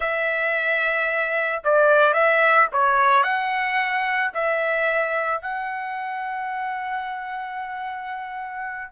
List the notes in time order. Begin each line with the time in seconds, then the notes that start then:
0.00 E5
1.63 D5
2.13 E5
2.72 C#5
3.23 F#5
4.33 E5
5.41 F#5